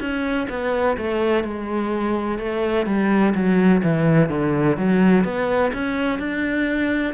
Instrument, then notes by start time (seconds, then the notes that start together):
cello
0.00 C#4
0.50 B3
0.98 A3
1.44 G#3
2.39 A3
2.87 G3
3.35 F#3
3.84 E3
4.30 D3
4.77 F#3
5.25 B3
5.74 C#4
6.19 D4